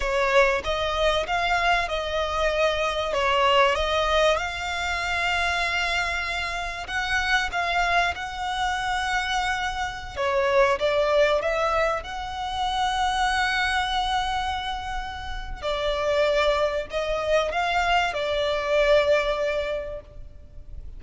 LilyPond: \new Staff \with { instrumentName = "violin" } { \time 4/4 \tempo 4 = 96 cis''4 dis''4 f''4 dis''4~ | dis''4 cis''4 dis''4 f''4~ | f''2. fis''4 | f''4 fis''2.~ |
fis''16 cis''4 d''4 e''4 fis''8.~ | fis''1~ | fis''4 d''2 dis''4 | f''4 d''2. | }